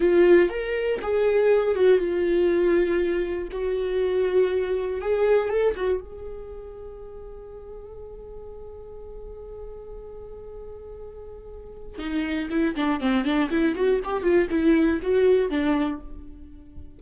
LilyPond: \new Staff \with { instrumentName = "viola" } { \time 4/4 \tempo 4 = 120 f'4 ais'4 gis'4. fis'8 | f'2. fis'4~ | fis'2 gis'4 a'8 fis'8 | gis'1~ |
gis'1~ | gis'1 | dis'4 e'8 d'8 c'8 d'8 e'8 fis'8 | g'8 f'8 e'4 fis'4 d'4 | }